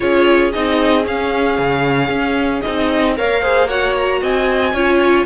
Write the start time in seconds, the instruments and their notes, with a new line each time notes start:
0.00 cello C#4, viola F4, violin G#4 C#5
0.53 cello C4, viola D#4, violin D#5
1.03 viola C#4, cello C#4, violin F5
1.58 cello C#3
2.09 cello C#4
2.61 cello C4, viola D#4, violin D#5
3.16 cello A#3, viola A#4, violin C#5 F5
3.41 viola G#4, violin C5
3.67 viola F#4, violin C#5 F#5
3.96 violin A#5
4.21 cello C4, violin D#5 G#5
4.73 cello C#4, viola F4, violin C#5